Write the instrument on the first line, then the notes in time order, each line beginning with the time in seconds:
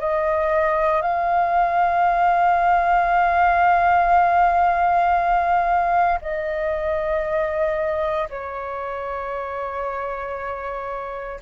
flute
0.00 D#5
1.02 F5
6.22 D#5
8.30 C#5